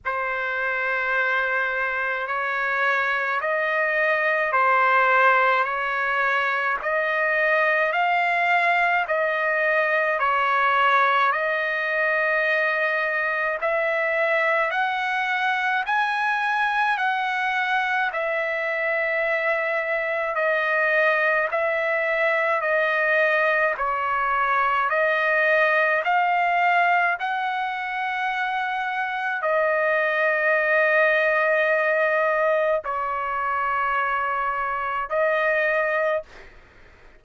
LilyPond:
\new Staff \with { instrumentName = "trumpet" } { \time 4/4 \tempo 4 = 53 c''2 cis''4 dis''4 | c''4 cis''4 dis''4 f''4 | dis''4 cis''4 dis''2 | e''4 fis''4 gis''4 fis''4 |
e''2 dis''4 e''4 | dis''4 cis''4 dis''4 f''4 | fis''2 dis''2~ | dis''4 cis''2 dis''4 | }